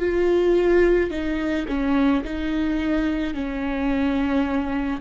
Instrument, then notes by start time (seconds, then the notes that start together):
viola
0.00 F4
1.11 D#4
1.68 C#4
2.24 D#4
3.34 C#4